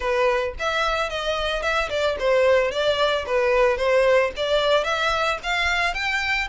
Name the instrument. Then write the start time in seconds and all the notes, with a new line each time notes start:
violin
0.00 B4
0.59 E5
1.09 D#5
1.62 E5
1.89 D5
2.19 C5
2.71 D5
3.26 B4
3.77 C5
4.36 D5
4.84 E5
5.43 F5
5.94 G5